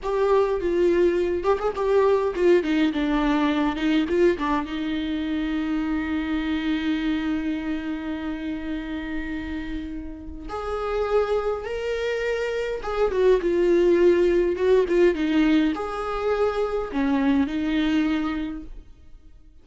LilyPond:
\new Staff \with { instrumentName = "viola" } { \time 4/4 \tempo 4 = 103 g'4 f'4. g'16 gis'16 g'4 | f'8 dis'8 d'4. dis'8 f'8 d'8 | dis'1~ | dis'1~ |
dis'2 gis'2 | ais'2 gis'8 fis'8 f'4~ | f'4 fis'8 f'8 dis'4 gis'4~ | gis'4 cis'4 dis'2 | }